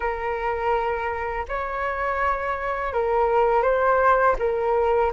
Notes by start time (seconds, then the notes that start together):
0.00 A#4
1.48 C#5
2.93 A#4
3.62 C5
4.39 A#4